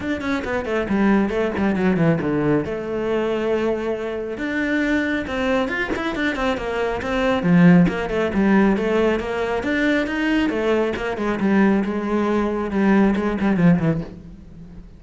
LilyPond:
\new Staff \with { instrumentName = "cello" } { \time 4/4 \tempo 4 = 137 d'8 cis'8 b8 a8 g4 a8 g8 | fis8 e8 d4 a2~ | a2 d'2 | c'4 f'8 e'8 d'8 c'8 ais4 |
c'4 f4 ais8 a8 g4 | a4 ais4 d'4 dis'4 | a4 ais8 gis8 g4 gis4~ | gis4 g4 gis8 g8 f8 e8 | }